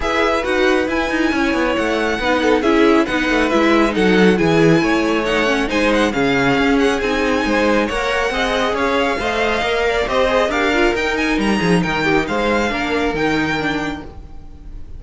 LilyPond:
<<
  \new Staff \with { instrumentName = "violin" } { \time 4/4 \tempo 4 = 137 e''4 fis''4 gis''2 | fis''2 e''4 fis''4 | e''4 fis''4 gis''2 | fis''4 gis''8 fis''8 f''4. fis''8 |
gis''2 fis''2 | f''2. dis''4 | f''4 g''8 gis''8 ais''4 g''4 | f''2 g''2 | }
  \new Staff \with { instrumentName = "violin" } { \time 4/4 b'2. cis''4~ | cis''4 b'8 a'8 gis'4 b'4~ | b'4 a'4 gis'4 cis''4~ | cis''4 c''4 gis'2~ |
gis'4 c''4 cis''4 dis''4 | cis''4 dis''4. d''8 c''4 | ais'2~ ais'8 gis'8 ais'8 g'8 | c''4 ais'2. | }
  \new Staff \with { instrumentName = "viola" } { \time 4/4 gis'4 fis'4 e'2~ | e'4 dis'4 e'4 dis'4 | e'4 dis'4 e'2 | dis'8 cis'8 dis'4 cis'2 |
dis'2 ais'4 gis'4~ | gis'4 c''4 ais'4 g'8 gis'8 | g'8 f'8 dis'2.~ | dis'4 d'4 dis'4 d'4 | }
  \new Staff \with { instrumentName = "cello" } { \time 4/4 e'4 dis'4 e'8 dis'8 cis'8 b8 | a4 b4 cis'4 b8 a8 | gis4 fis4 e4 a4~ | a4 gis4 cis4 cis'4 |
c'4 gis4 ais4 c'4 | cis'4 a4 ais4 c'4 | d'4 dis'4 g8 f8 dis4 | gis4 ais4 dis2 | }
>>